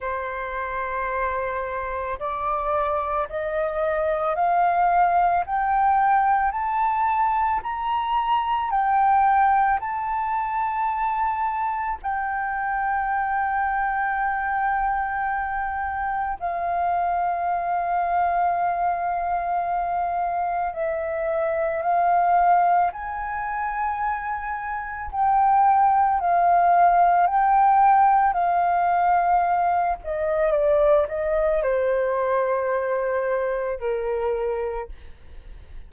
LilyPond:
\new Staff \with { instrumentName = "flute" } { \time 4/4 \tempo 4 = 55 c''2 d''4 dis''4 | f''4 g''4 a''4 ais''4 | g''4 a''2 g''4~ | g''2. f''4~ |
f''2. e''4 | f''4 gis''2 g''4 | f''4 g''4 f''4. dis''8 | d''8 dis''8 c''2 ais'4 | }